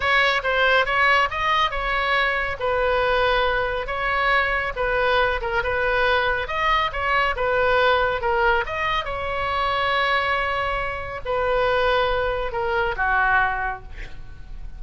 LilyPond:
\new Staff \with { instrumentName = "oboe" } { \time 4/4 \tempo 4 = 139 cis''4 c''4 cis''4 dis''4 | cis''2 b'2~ | b'4 cis''2 b'4~ | b'8 ais'8 b'2 dis''4 |
cis''4 b'2 ais'4 | dis''4 cis''2.~ | cis''2 b'2~ | b'4 ais'4 fis'2 | }